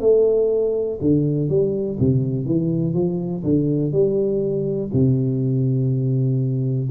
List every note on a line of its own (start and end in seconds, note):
0.00 0.98 A3
1.01 1.49 D3
1.49 1.98 G3
1.99 2.46 C3
2.46 2.94 E3
2.94 3.43 F3
3.43 3.92 D3
3.92 4.90 G3
4.93 6.90 C3